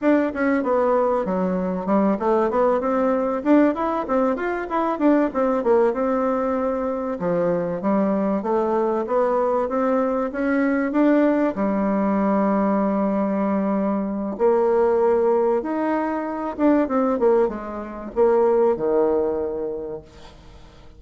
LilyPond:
\new Staff \with { instrumentName = "bassoon" } { \time 4/4 \tempo 4 = 96 d'8 cis'8 b4 fis4 g8 a8 | b8 c'4 d'8 e'8 c'8 f'8 e'8 | d'8 c'8 ais8 c'2 f8~ | f8 g4 a4 b4 c'8~ |
c'8 cis'4 d'4 g4.~ | g2. ais4~ | ais4 dis'4. d'8 c'8 ais8 | gis4 ais4 dis2 | }